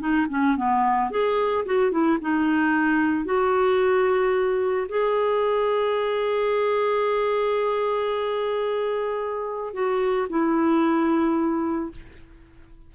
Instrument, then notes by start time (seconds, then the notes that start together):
clarinet
0.00 D#4
0.30 C#4
0.57 B3
1.11 G#4
1.66 F#4
1.91 E4
2.21 D#4
3.25 F#4
4.89 G#4
9.74 F#4
10.29 E4